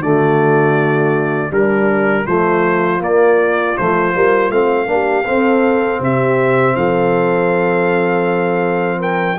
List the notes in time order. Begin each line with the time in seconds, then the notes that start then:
0.00 D3 A3 F#4 D5
1.50 G3 D4 A#4
2.25 F3 A3 F4 C5
3.00 A#3 D5
3.77 F3 A3 C5
4.13 G3 A#3
4.50 A3 C4 F5
4.86 A#3 D4 G4
5.25 C4 A4
5.99 C3 G4 E5
6.75 F3 A4 F5
8.99 A#4 G5